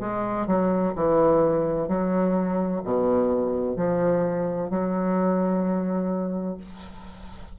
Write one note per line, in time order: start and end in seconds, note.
0.00 0.46 G#3
0.46 0.93 F#3
0.95 1.87 E3
1.87 2.81 F#3
2.84 3.76 B2
3.76 4.70 F3
4.70 6.57 F#3